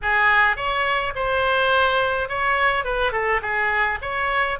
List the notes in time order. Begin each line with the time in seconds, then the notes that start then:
0.02 G#4
0.56 C#5
1.15 C5
2.28 C#5
2.84 B4
3.12 A4
3.41 G#4
4.01 C#5